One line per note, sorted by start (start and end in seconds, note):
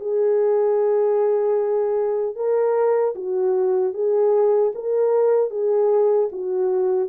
0.00 2.36 G#4
2.36 3.15 A#4
3.15 3.94 F#4
3.94 4.73 G#4
4.75 5.50 A#4
5.50 6.29 G#4
6.32 7.09 F#4